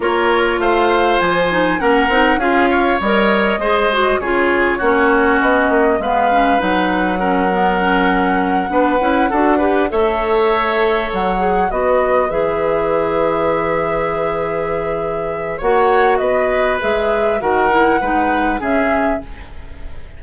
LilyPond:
<<
  \new Staff \with { instrumentName = "flute" } { \time 4/4 \tempo 4 = 100 cis''4 f''4 gis''4 fis''4 | f''4 dis''2 cis''4~ | cis''4 dis''4 f''4 fis''4~ | fis''1~ |
fis''8 e''2 fis''4 dis''8~ | dis''8 e''2.~ e''8~ | e''2 fis''4 dis''4 | e''4 fis''2 e''4 | }
  \new Staff \with { instrumentName = "oboe" } { \time 4/4 ais'4 c''2 ais'4 | gis'8 cis''4. c''4 gis'4 | fis'2 b'2 | ais'2~ ais'8 b'4 a'8 |
b'8 cis''2. b'8~ | b'1~ | b'2 cis''4 b'4~ | b'4 ais'4 b'4 gis'4 | }
  \new Staff \with { instrumentName = "clarinet" } { \time 4/4 f'2~ f'8 dis'8 cis'8 dis'8 | f'4 ais'4 gis'8 fis'8 f'4 | cis'2 b8 cis'8 dis'4 | cis'8 b8 cis'4. d'8 e'8 fis'8 |
g'8 a'2~ a'8 gis'8 fis'8~ | fis'8 gis'2.~ gis'8~ | gis'2 fis'2 | gis'4 fis'8 e'8 dis'4 cis'4 | }
  \new Staff \with { instrumentName = "bassoon" } { \time 4/4 ais4 a4 f4 ais8 c'8 | cis'4 g4 gis4 cis4 | ais4 b8 ais8 gis4 fis4~ | fis2~ fis8 b8 cis'8 d'8~ |
d'8 a2 fis4 b8~ | b8 e2.~ e8~ | e2 ais4 b4 | gis4 dis4 gis4 cis4 | }
>>